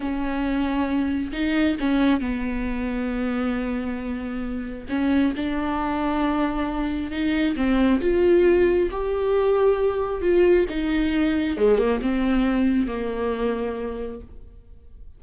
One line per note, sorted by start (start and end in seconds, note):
0.00 1.31 C#4
1.32 1.77 D#4
1.79 2.20 C#4
2.20 4.87 B3
4.89 5.33 C#4
5.36 7.11 D4
7.11 7.55 D#4
7.56 8.00 C4
8.00 8.89 F4
8.91 10.21 G4
10.21 10.66 F4
10.69 11.57 D#4
11.57 11.78 G#3
11.78 12.00 A#3
12.01 12.87 C4
12.87 14.20 A#3